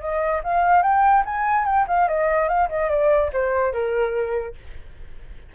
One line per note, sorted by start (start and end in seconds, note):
0.00 0.41 D#5
0.43 0.82 F5
0.82 1.23 G5
1.25 1.65 G#5
1.65 1.85 G5
1.87 2.08 F5
2.08 2.48 D#5
2.48 2.68 F5
2.69 2.90 D#5
2.90 3.31 D5
3.33 3.72 C5
3.72 4.54 A#4